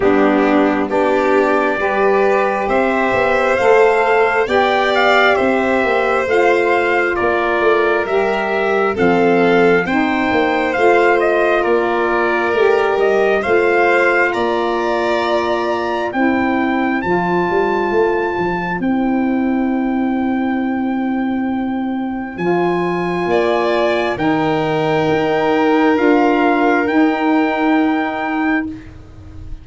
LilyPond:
<<
  \new Staff \with { instrumentName = "trumpet" } { \time 4/4 \tempo 4 = 67 g'4 d''2 e''4 | f''4 g''8 f''8 e''4 f''4 | d''4 e''4 f''4 g''4 | f''8 dis''8 d''4. dis''8 f''4 |
ais''2 g''4 a''4~ | a''4 g''2.~ | g''4 gis''2 g''4~ | g''4 f''4 g''2 | }
  \new Staff \with { instrumentName = "violin" } { \time 4/4 d'4 g'4 b'4 c''4~ | c''4 d''4 c''2 | ais'2 a'4 c''4~ | c''4 ais'2 c''4 |
d''2 c''2~ | c''1~ | c''2 d''4 ais'4~ | ais'1 | }
  \new Staff \with { instrumentName = "saxophone" } { \time 4/4 b4 d'4 g'2 | a'4 g'2 f'4~ | f'4 g'4 c'4 dis'4 | f'2 g'4 f'4~ |
f'2 e'4 f'4~ | f'4 e'2.~ | e'4 f'2 dis'4~ | dis'4 f'4 dis'2 | }
  \new Staff \with { instrumentName = "tuba" } { \time 4/4 g4 b4 g4 c'8 b8 | a4 b4 c'8 ais8 a4 | ais8 a8 g4 f4 c'8 ais8 | a4 ais4 a8 g8 a4 |
ais2 c'4 f8 g8 | a8 f8 c'2.~ | c'4 f4 ais4 dis4 | dis'4 d'4 dis'2 | }
>>